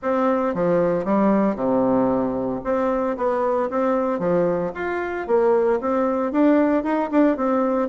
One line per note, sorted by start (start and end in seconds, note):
0.02 0.54 C4
0.54 1.04 F3
1.04 1.55 G3
1.55 2.60 C3
2.64 3.16 C4
3.17 3.69 B3
3.70 4.19 C4
4.19 4.72 F3
4.74 5.27 F4
5.27 5.79 A#3
5.80 6.32 C4
6.32 6.83 D4
6.83 7.09 D#4
7.11 7.36 D4
7.36 7.89 C4